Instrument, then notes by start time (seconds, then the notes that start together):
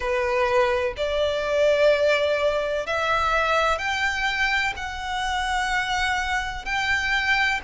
violin
0.00 B4
0.97 D5
2.86 E5
3.78 G5
4.76 F#5
6.65 G5